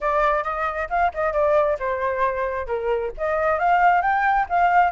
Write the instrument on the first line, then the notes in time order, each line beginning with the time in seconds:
flute
0.00 D5
0.43 D#5
0.89 F5
1.14 D#5
1.32 D5
1.79 C5
2.66 A#4
3.17 D#5
3.59 F5
4.01 G5
4.49 F5